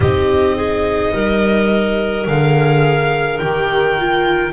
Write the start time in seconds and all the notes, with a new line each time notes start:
0.00 C4 D#4 G4 D#5
0.56 G#4
1.13 G3 A#4
2.26 D3 G#4 F5
3.38 D#3 G4 G5
3.98 F4